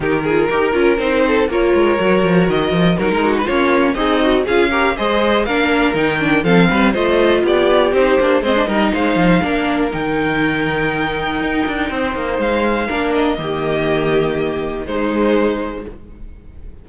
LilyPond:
<<
  \new Staff \with { instrumentName = "violin" } { \time 4/4 \tempo 4 = 121 ais'2 c''4 cis''4~ | cis''4 dis''4 ais'8. b'16 cis''4 | dis''4 f''4 dis''4 f''4 | g''4 f''4 dis''4 d''4 |
c''4 dis''4 f''2 | g''1~ | g''4 f''4. dis''4.~ | dis''2 c''2 | }
  \new Staff \with { instrumentName = "violin" } { \time 4/4 g'8 gis'8 ais'4. a'8 ais'4~ | ais'2 fis'16 ais'16 fis'8 f'4 | dis'4 gis'8 ais'8 c''4 ais'4~ | ais'4 a'8 b'8 c''4 g'4~ |
g'4 c''8 ais'8 c''4 ais'4~ | ais'1 | c''2 ais'4 g'4~ | g'2 dis'2 | }
  \new Staff \with { instrumentName = "viola" } { \time 4/4 dis'8 f'8 g'8 f'8 dis'4 f'4 | fis'2 dis'4 cis'4 | gis'8 fis'8 f'8 g'8 gis'4 d'4 | dis'8 d'8 c'4 f'2 |
dis'8 d'8 c'16 d'16 dis'4. d'4 | dis'1~ | dis'2 d'4 ais4~ | ais2 gis2 | }
  \new Staff \with { instrumentName = "cello" } { \time 4/4 dis4 dis'8 cis'8 c'4 ais8 gis8 | fis8 f8 dis8 f8 fis16 gis8. ais4 | c'4 cis'4 gis4 ais4 | dis4 f8 g8 a4 b4 |
c'8 ais8 gis8 g8 gis8 f8 ais4 | dis2. dis'8 d'8 | c'8 ais8 gis4 ais4 dis4~ | dis2 gis2 | }
>>